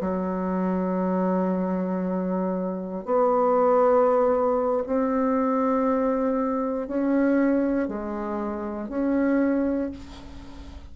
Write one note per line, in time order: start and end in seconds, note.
0.00 3.05 F#3
3.05 4.83 B3
4.86 6.87 C4
6.87 7.88 C#4
7.88 8.88 G#3
8.88 9.90 C#4